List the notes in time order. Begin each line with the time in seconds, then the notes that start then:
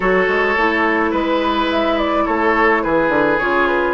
0.00 F#3 F#4 A4 C#5
0.28 G#3
0.56 A3 E4
1.10 G#3 B4
1.70 E5
1.98 D5
2.25 A3 A4 C#5
2.83 E3 G#4 B4
3.08 D3
3.38 C#3 F4 C#5
3.67 B4